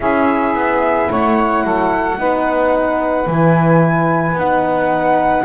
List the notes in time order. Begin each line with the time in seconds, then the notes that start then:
0.00 C#4 E4 G#4 E5
0.54 B3
1.09 A3 C#5 F#5
1.63 F#3 A4
2.17 B3 D#4 B4
3.26 E3 E4 G#5
4.32 B3 D#4
4.38 F#5